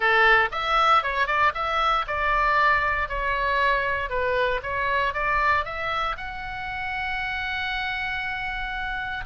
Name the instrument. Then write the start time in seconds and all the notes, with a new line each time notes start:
oboe
0.00 A4
0.51 E5
1.03 C#5
1.26 D5
1.54 E5
2.07 D5
3.08 C#5
4.09 B4
4.62 C#5
5.13 D5
5.64 E5
6.17 F#5